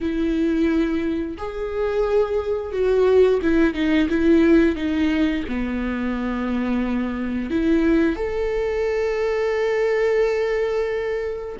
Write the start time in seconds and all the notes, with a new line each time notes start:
0.00 E4
1.37 G#4
2.72 F#4
3.42 E4
3.74 D#4
4.09 E4
4.75 D#4
5.48 B3
7.50 E4
8.16 A4